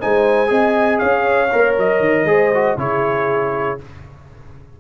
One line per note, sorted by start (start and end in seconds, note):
0.00 0.50 G#3
0.00 0.47 D#4
0.00 0.50 C5
0.00 0.99 G#5
0.47 1.01 C4
0.47 1.48 G#4
0.47 0.99 D#5
0.99 1.53 C#4
0.99 2.26 C#5
0.99 1.74 F5
1.52 1.78 A#3
1.52 2.26 A#4
1.78 2.00 F#3
1.78 2.79 D#5
2.00 2.25 D#3
2.25 2.75 G#3
2.25 2.51 G#4
2.25 2.79 C5
2.54 2.78 F#4
2.76 3.77 C#3
2.76 3.79 E4
2.76 3.80 G#4
2.76 3.80 C#5